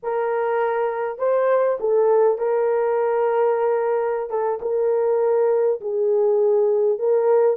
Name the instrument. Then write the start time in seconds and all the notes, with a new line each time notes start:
horn
0.02 A#4
1.18 C5
1.80 A4
2.38 A#4
4.30 A4
4.61 A#4
5.80 G#4
6.98 A#4